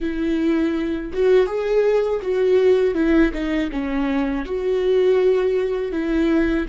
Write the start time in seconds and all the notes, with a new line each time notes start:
0.00 E4
1.13 F#4
1.46 G#4
2.22 F#4
2.94 E4
3.33 D#4
3.71 C#4
4.45 F#4
5.92 E4